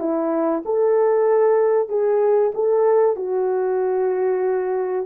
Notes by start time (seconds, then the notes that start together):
0.00 E4
0.65 A4
1.89 G#4
2.55 A4
3.16 F#4